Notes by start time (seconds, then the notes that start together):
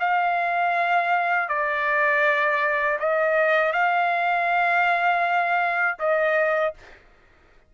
0.00 F5
1.49 D5
3.00 D#5
3.73 F5
5.99 D#5